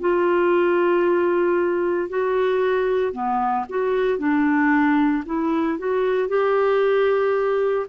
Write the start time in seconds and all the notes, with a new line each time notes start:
0.00 F4
2.09 F#4
3.12 B3
3.69 F#4
4.19 D4
5.26 E4
5.78 F#4
6.28 G4